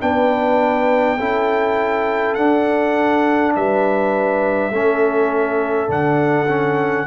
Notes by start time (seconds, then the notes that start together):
0.00 B3 D4 B4 G5
1.18 C#4 E4 A4
2.34 D4 F#5
3.55 G3 B4 E5
4.70 A3 C#4 A4
5.87 D3 D4 F#5
6.48 C#4